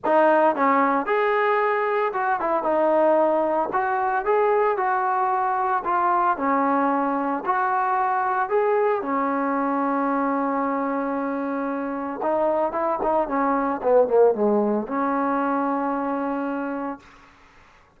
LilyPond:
\new Staff \with { instrumentName = "trombone" } { \time 4/4 \tempo 4 = 113 dis'4 cis'4 gis'2 | fis'8 e'8 dis'2 fis'4 | gis'4 fis'2 f'4 | cis'2 fis'2 |
gis'4 cis'2.~ | cis'2. dis'4 | e'8 dis'8 cis'4 b8 ais8 gis4 | cis'1 | }